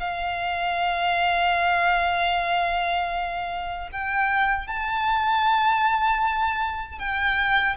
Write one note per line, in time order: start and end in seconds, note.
0.00 3.90 F5
3.92 4.68 G5
4.68 6.99 A5
6.99 7.77 G5